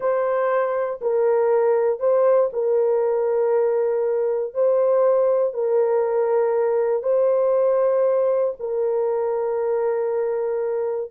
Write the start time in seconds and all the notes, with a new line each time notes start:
0.00 C5
1.01 A#4
1.99 C5
2.52 A#4
4.54 C5
5.53 A#4
7.02 C5
8.59 A#4